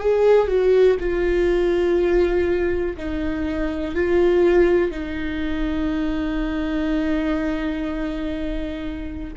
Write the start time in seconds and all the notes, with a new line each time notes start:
0.00 G#4
0.47 F#4
0.99 F4
2.96 D#4
3.94 F4
4.91 D#4